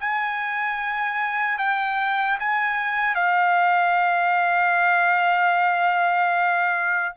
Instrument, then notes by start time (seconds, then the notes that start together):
trumpet
0.00 G#5
1.58 G5
2.40 G#5
3.15 F5